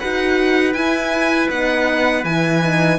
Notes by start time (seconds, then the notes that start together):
0.00 D#4 F#4 B4 F#5
0.74 E4 G#5
1.50 B3 D#4 F#5
2.24 E3 E4 G#5
2.63 D#4